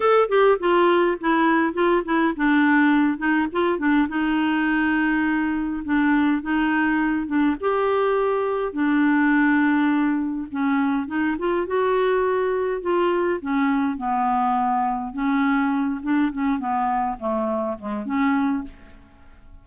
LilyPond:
\new Staff \with { instrumentName = "clarinet" } { \time 4/4 \tempo 4 = 103 a'8 g'8 f'4 e'4 f'8 e'8 | d'4. dis'8 f'8 d'8 dis'4~ | dis'2 d'4 dis'4~ | dis'8 d'8 g'2 d'4~ |
d'2 cis'4 dis'8 f'8 | fis'2 f'4 cis'4 | b2 cis'4. d'8 | cis'8 b4 a4 gis8 cis'4 | }